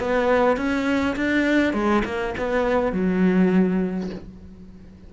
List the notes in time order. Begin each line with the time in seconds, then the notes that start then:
0.00 B3
0.57 C#4
1.16 D4
1.74 G#3
2.05 A#3
2.38 B3
2.93 F#3